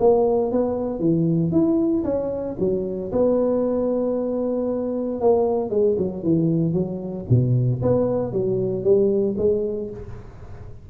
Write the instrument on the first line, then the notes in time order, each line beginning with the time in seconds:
tuba
0.00 A#3
0.52 B3
1.00 E3
1.52 E4
2.04 C#4
2.60 F#3
3.12 B3
5.21 A#3
5.70 G#3
5.98 F#3
6.23 E3
6.74 F#3
7.30 B2
7.82 B3
8.32 F#3
8.84 G3
9.38 G#3